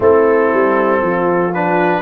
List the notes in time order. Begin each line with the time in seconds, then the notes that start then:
0.00 A3 C4 E4 A4
0.53 G3
1.01 F3 F4
1.54 D4 B4